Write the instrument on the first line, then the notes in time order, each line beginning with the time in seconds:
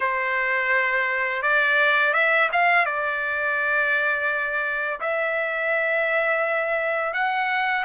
trumpet
0.00 C5
1.42 D5
2.13 E5
2.52 F5
2.85 D5
5.00 E5
7.13 F#5